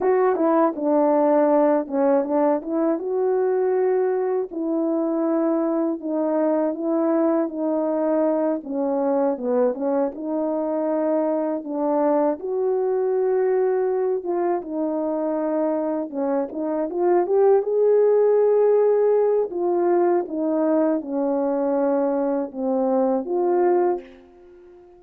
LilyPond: \new Staff \with { instrumentName = "horn" } { \time 4/4 \tempo 4 = 80 fis'8 e'8 d'4. cis'8 d'8 e'8 | fis'2 e'2 | dis'4 e'4 dis'4. cis'8~ | cis'8 b8 cis'8 dis'2 d'8~ |
d'8 fis'2~ fis'8 f'8 dis'8~ | dis'4. cis'8 dis'8 f'8 g'8 gis'8~ | gis'2 f'4 dis'4 | cis'2 c'4 f'4 | }